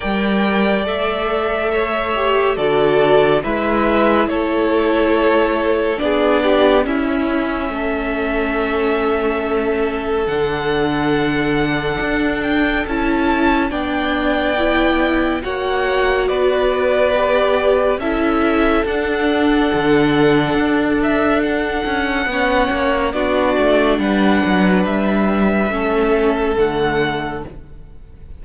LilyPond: <<
  \new Staff \with { instrumentName = "violin" } { \time 4/4 \tempo 4 = 70 g''4 e''2 d''4 | e''4 cis''2 d''4 | e''1 | fis''2~ fis''8 g''8 a''4 |
g''2 fis''4 d''4~ | d''4 e''4 fis''2~ | fis''8 e''8 fis''2 d''4 | fis''4 e''2 fis''4 | }
  \new Staff \with { instrumentName = "violin" } { \time 4/4 d''2 cis''4 a'4 | b'4 a'2 gis'8 g'8 | e'4 a'2.~ | a'1 |
d''2 cis''4 b'4~ | b'4 a'2.~ | a'2 cis''4 fis'4 | b'2 a'2 | }
  \new Staff \with { instrumentName = "viola" } { \time 4/4 ais'4 a'4. g'8 fis'4 | e'2. d'4 | cis'1 | d'2. e'4 |
d'4 e'4 fis'2 | g'4 e'4 d'2~ | d'2 cis'4 d'4~ | d'2 cis'4 a4 | }
  \new Staff \with { instrumentName = "cello" } { \time 4/4 g4 a2 d4 | gis4 a2 b4 | cis'4 a2. | d2 d'4 cis'4 |
b2 ais4 b4~ | b4 cis'4 d'4 d4 | d'4. cis'8 b8 ais8 b8 a8 | g8 fis8 g4 a4 d4 | }
>>